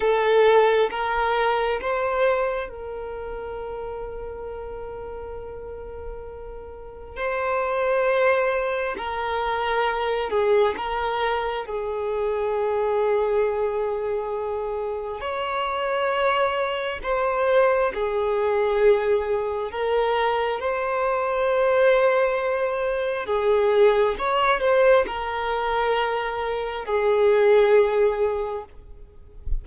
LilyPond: \new Staff \with { instrumentName = "violin" } { \time 4/4 \tempo 4 = 67 a'4 ais'4 c''4 ais'4~ | ais'1 | c''2 ais'4. gis'8 | ais'4 gis'2.~ |
gis'4 cis''2 c''4 | gis'2 ais'4 c''4~ | c''2 gis'4 cis''8 c''8 | ais'2 gis'2 | }